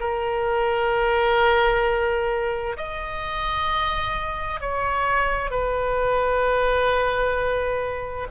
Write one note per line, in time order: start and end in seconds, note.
0.00 2.77 A#4
2.77 4.61 D#5
4.61 5.50 C#5
5.50 8.27 B4